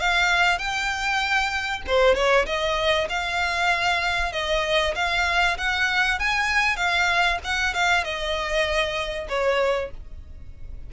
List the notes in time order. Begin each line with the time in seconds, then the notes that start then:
0.00 F5
0.59 G5
1.87 C5
2.15 C#5
2.46 D#5
3.10 F5
4.33 D#5
4.95 F5
5.58 F#5
6.19 G#5
6.77 F5
7.44 F#5
7.74 F5
8.04 D#5
9.29 C#5